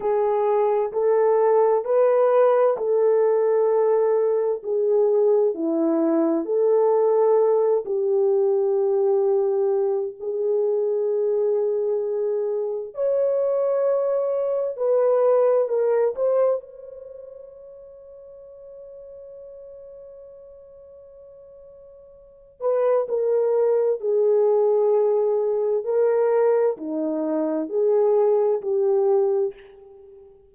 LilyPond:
\new Staff \with { instrumentName = "horn" } { \time 4/4 \tempo 4 = 65 gis'4 a'4 b'4 a'4~ | a'4 gis'4 e'4 a'4~ | a'8 g'2~ g'8 gis'4~ | gis'2 cis''2 |
b'4 ais'8 c''8 cis''2~ | cis''1~ | cis''8 b'8 ais'4 gis'2 | ais'4 dis'4 gis'4 g'4 | }